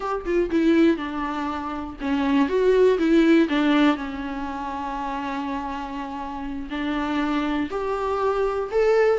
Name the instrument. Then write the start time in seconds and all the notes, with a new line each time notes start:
viola
0.00 G4
0.25 F4
0.50 E4
0.97 D4
2.00 C#4
2.48 F#4
2.98 E4
3.48 D4
3.96 C#4
6.70 D4
7.70 G4
8.71 A4